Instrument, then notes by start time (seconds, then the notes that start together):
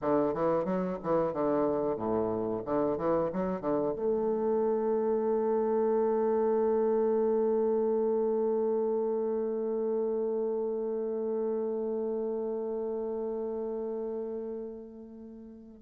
bassoon
0.01 D3
0.34 E3
0.64 F#3
1.03 E3
1.33 D3
1.96 A2
2.65 D3
2.97 E3
3.33 F#3
3.60 D3
3.95 A3